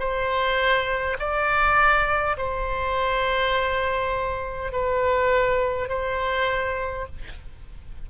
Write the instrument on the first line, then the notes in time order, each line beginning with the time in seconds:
oboe
0.00 C5
1.20 D5
2.38 C5
4.73 B4
5.89 C5